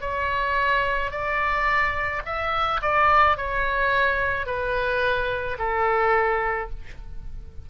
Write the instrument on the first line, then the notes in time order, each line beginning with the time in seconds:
oboe
0.00 C#5
1.11 D5
2.25 E5
2.82 D5
3.37 C#5
4.46 B4
5.59 A4